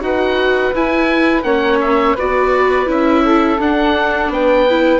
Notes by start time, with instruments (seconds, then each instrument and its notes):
0.00 bassoon D#4, viola F#4, flute B4, oboe F#5
0.74 bassoon E4, viola E4, oboe G#5
1.42 bassoon A#3, viola C#4, flute C#5, oboe F#5
1.80 oboe E5
2.15 bassoon B3, viola F#4, flute B4, oboe D5
2.85 bassoon C#4, viola E4, oboe E5
3.25 flute A4
3.58 bassoon D4, viola D4, oboe F#5
4.28 bassoon B3, flute B4, oboe G5
4.69 viola E4